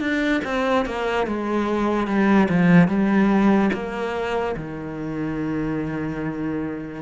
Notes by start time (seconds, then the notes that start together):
0.00 D4
0.44 C4
0.86 A#3
1.27 G#3
2.07 G3
2.49 F3
2.88 G3
3.73 A#3
4.56 D#3